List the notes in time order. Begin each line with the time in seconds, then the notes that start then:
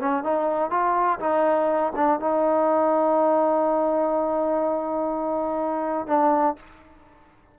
0.00 C#4
0.24 D#4
0.71 F4
1.20 D#4
1.96 D4
2.20 D#4
6.08 D4